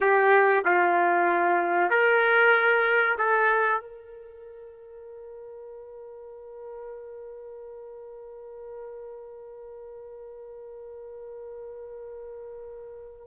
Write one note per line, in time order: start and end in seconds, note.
0.00 0.63 G4
0.64 1.89 F4
1.89 3.16 A#4
3.18 3.81 A4
3.81 13.26 A#4